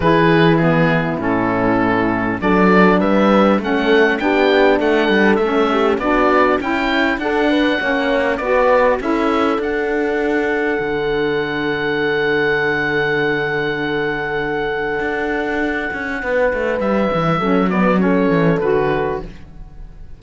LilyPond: <<
  \new Staff \with { instrumentName = "oboe" } { \time 4/4 \tempo 4 = 100 b'4 gis'4 a'2 | d''4 e''4 fis''4 g''4 | fis''4 e''4 d''4 g''4 | fis''2 d''4 e''4 |
fis''1~ | fis''1~ | fis''1 | e''4. d''8 cis''4 b'4 | }
  \new Staff \with { instrumentName = "horn" } { \time 4/4 gis'4 e'2. | a'4 b'4 a'4 g'4 | a'4. g'8 fis'4 e'4 | a'8 b'8 cis''4 b'4 a'4~ |
a'1~ | a'1~ | a'2. b'4~ | b'4 a'8 b'8 a'2 | }
  \new Staff \with { instrumentName = "saxophone" } { \time 4/4 e'4 b4 cis'2 | d'2 cis'4 d'4~ | d'4 cis'4 d'4 e'4 | d'4 cis'4 fis'4 e'4 |
d'1~ | d'1~ | d'1~ | d'4 cis'8 b8 cis'4 fis'4 | }
  \new Staff \with { instrumentName = "cello" } { \time 4/4 e2 a,2 | fis4 g4 a4 b4 | a8 g8 a4 b4 cis'4 | d'4 ais4 b4 cis'4 |
d'2 d2~ | d1~ | d4 d'4. cis'8 b8 a8 | g8 e8 fis4. e8 d4 | }
>>